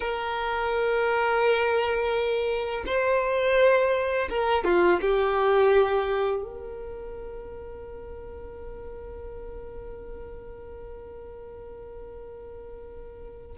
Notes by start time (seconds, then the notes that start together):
0.00 A#4
2.86 C5
4.29 A#4
4.64 F4
5.01 G4
6.42 A#4